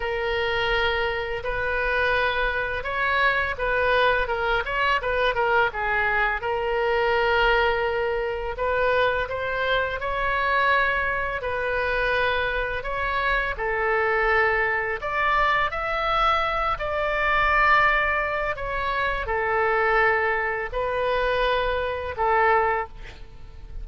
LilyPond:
\new Staff \with { instrumentName = "oboe" } { \time 4/4 \tempo 4 = 84 ais'2 b'2 | cis''4 b'4 ais'8 cis''8 b'8 ais'8 | gis'4 ais'2. | b'4 c''4 cis''2 |
b'2 cis''4 a'4~ | a'4 d''4 e''4. d''8~ | d''2 cis''4 a'4~ | a'4 b'2 a'4 | }